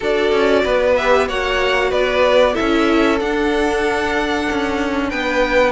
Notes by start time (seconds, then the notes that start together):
0.00 D4 F#4 A4 D5
0.32 C#4
0.64 B3 B4
0.95 G4 E5
1.28 A#3 F#4 C#5 F#5
1.90 B3 B4 D5
2.53 E4 A4 E5
2.60 C#4
3.19 D4 F#5
4.50 C#4
5.09 B3 B4 G5